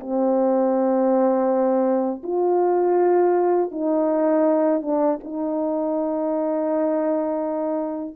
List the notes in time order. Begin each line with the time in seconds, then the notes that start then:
0.00 C4
2.23 F4
3.71 D#4
4.82 D4
5.24 D#4